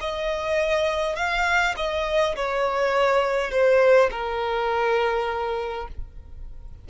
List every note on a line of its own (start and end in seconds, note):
0.00 1.16 D#5
1.16 1.74 F5
1.76 2.35 D#5
2.35 3.50 C#5
3.50 4.09 C5
4.11 5.87 A#4